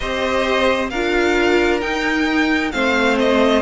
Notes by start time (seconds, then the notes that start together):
0.00 C4 G4 C5 D#5
0.89 D4 F4 A#4 F5
1.80 D#4 G5
2.71 A3 C4 C5 F5
3.19 D#5